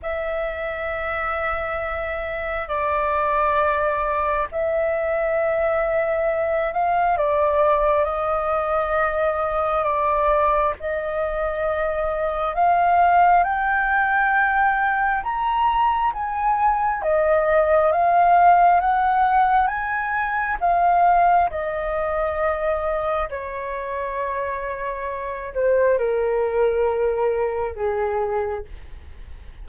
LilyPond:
\new Staff \with { instrumentName = "flute" } { \time 4/4 \tempo 4 = 67 e''2. d''4~ | d''4 e''2~ e''8 f''8 | d''4 dis''2 d''4 | dis''2 f''4 g''4~ |
g''4 ais''4 gis''4 dis''4 | f''4 fis''4 gis''4 f''4 | dis''2 cis''2~ | cis''8 c''8 ais'2 gis'4 | }